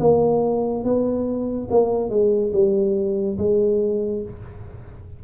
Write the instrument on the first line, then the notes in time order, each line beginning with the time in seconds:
tuba
0.00 A#3
0.85 B3
1.71 A#3
2.10 G#3
2.53 G3
3.38 G#3